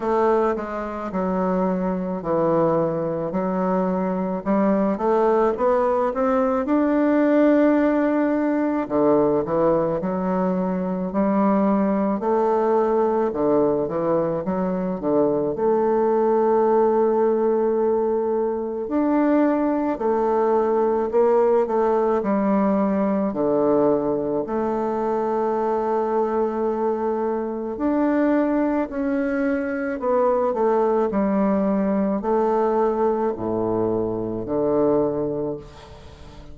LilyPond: \new Staff \with { instrumentName = "bassoon" } { \time 4/4 \tempo 4 = 54 a8 gis8 fis4 e4 fis4 | g8 a8 b8 c'8 d'2 | d8 e8 fis4 g4 a4 | d8 e8 fis8 d8 a2~ |
a4 d'4 a4 ais8 a8 | g4 d4 a2~ | a4 d'4 cis'4 b8 a8 | g4 a4 a,4 d4 | }